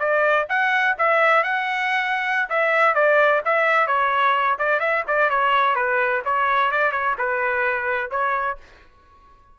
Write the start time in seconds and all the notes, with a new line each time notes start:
0.00 D5
0.50 F#5
0.98 E5
1.44 F#5
2.50 E5
2.95 D5
3.45 E5
3.87 C#5
4.59 D5
4.80 E5
5.08 D5
5.30 C#5
5.76 B4
6.25 C#5
6.72 D5
6.92 C#5
7.19 B4
8.11 C#5